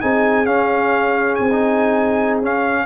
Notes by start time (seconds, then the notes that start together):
0.00 C4 D#4 G#4 G#5
0.45 C#4 F5
1.34 C4 G#5
1.51 D#4
2.40 C#4 F5